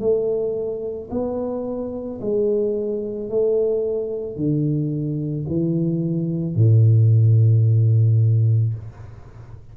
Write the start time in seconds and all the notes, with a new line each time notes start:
0.00 A3
1.11 B3
2.21 G#3
3.30 A3
4.37 D3
5.48 E3
6.56 A2